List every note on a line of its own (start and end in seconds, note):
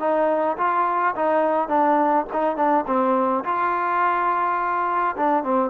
0.00 0.57 D#4
0.58 1.15 F4
1.16 1.69 D#4
1.69 2.26 D4
2.33 2.57 D#4
2.57 2.85 D4
2.87 3.44 C4
3.45 5.16 F4
5.17 5.44 D4
5.44 5.71 C4